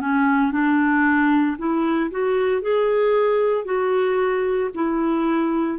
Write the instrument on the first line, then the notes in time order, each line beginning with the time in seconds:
clarinet
0.00 C#4
0.51 D4
1.57 E4
2.11 F#4
2.61 G#4
3.65 F#4
4.74 E4